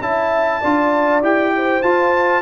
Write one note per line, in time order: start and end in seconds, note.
0.00 0.61 C#4
0.00 0.62 E4
0.00 0.61 E5
0.00 1.23 A5
0.61 1.22 D4
0.61 1.22 F4
0.61 1.52 D5
1.22 1.82 E4
1.22 1.82 G4
1.22 1.82 G5
1.56 2.42 C5
1.82 2.42 F4
1.82 2.42 A5